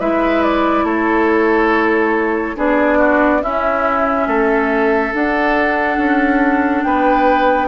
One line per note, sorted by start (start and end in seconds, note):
0.00 0.84 G#3
0.00 2.56 E4
0.00 0.85 B4
0.00 0.43 E5
0.43 0.86 D5
0.84 2.55 A3
0.84 2.57 A4
0.84 2.57 C#5
2.56 3.43 B3
2.56 3.41 D4
2.56 2.98 G#4
2.56 3.43 D5
2.98 3.41 F#4
3.41 5.12 C#4
3.41 4.27 C#4
3.41 4.28 E4
3.41 5.14 E5
4.27 5.13 A3
4.27 6.85 A4
5.14 7.68 D4
5.14 5.98 D4
5.14 6.83 F#5
5.98 6.84 C#4
6.83 7.68 B3
6.83 7.68 B4
6.83 7.68 G5